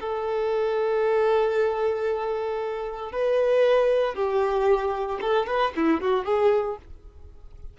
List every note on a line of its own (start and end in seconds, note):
0.00 3.12 A4
3.12 4.15 B4
4.15 5.19 G4
5.21 5.47 A4
5.47 5.73 B4
5.76 6.01 E4
6.01 6.25 F#4
6.25 6.77 G#4